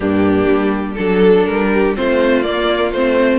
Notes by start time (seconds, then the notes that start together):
0.00 G2 A#3 D4 G4
0.48 G3
0.94 F#3 D4 A4
1.45 G3 A#4
1.73 G4
1.95 A3 C4 F4 C5
2.42 A#3 D5
2.91 A3 C4 C5